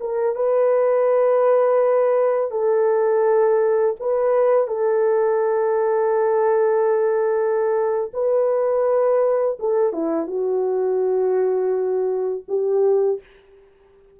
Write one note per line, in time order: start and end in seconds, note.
0.00 0.35 A#4
0.35 2.50 B4
2.50 3.95 A4
3.99 4.67 B4
4.67 8.10 A4
8.13 9.58 B4
9.59 9.92 A4
9.92 10.27 E4
10.27 12.43 F#4
12.48 13.20 G4